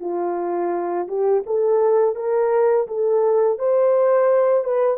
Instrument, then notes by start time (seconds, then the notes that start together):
horn
0.00 F4
1.08 G4
1.46 A4
2.16 A#4
2.87 A4
3.58 C5
4.64 B4